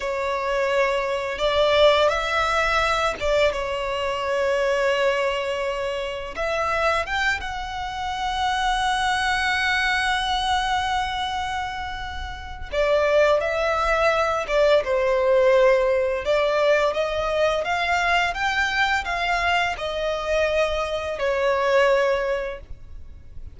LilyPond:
\new Staff \with { instrumentName = "violin" } { \time 4/4 \tempo 4 = 85 cis''2 d''4 e''4~ | e''8 d''8 cis''2.~ | cis''4 e''4 g''8 fis''4.~ | fis''1~ |
fis''2 d''4 e''4~ | e''8 d''8 c''2 d''4 | dis''4 f''4 g''4 f''4 | dis''2 cis''2 | }